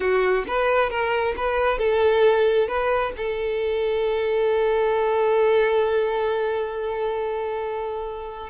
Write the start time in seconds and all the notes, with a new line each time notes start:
0.00 F#4
0.47 B4
0.90 A#4
1.37 B4
1.78 A4
2.68 B4
3.16 A4